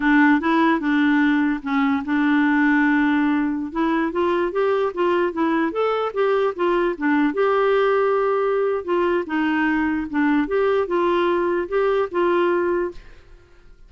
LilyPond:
\new Staff \with { instrumentName = "clarinet" } { \time 4/4 \tempo 4 = 149 d'4 e'4 d'2 | cis'4 d'2.~ | d'4~ d'16 e'4 f'4 g'8.~ | g'16 f'4 e'4 a'4 g'8.~ |
g'16 f'4 d'4 g'4.~ g'16~ | g'2 f'4 dis'4~ | dis'4 d'4 g'4 f'4~ | f'4 g'4 f'2 | }